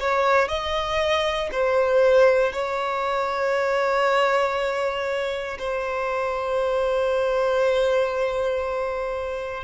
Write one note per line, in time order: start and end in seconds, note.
0.00 0.48 C#5
0.48 1.50 D#5
1.52 2.53 C5
2.53 5.58 C#5
5.59 9.64 C5